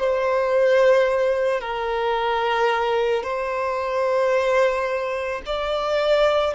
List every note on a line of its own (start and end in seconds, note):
0.00 1.61 C5
1.61 3.23 A#4
3.23 5.41 C5
5.46 6.55 D5